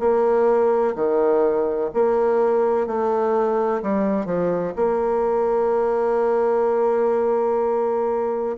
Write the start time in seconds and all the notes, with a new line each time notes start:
0.00 A#3
0.95 D#3
1.94 A#3
2.87 A3
3.83 G3
4.26 F3
4.76 A#3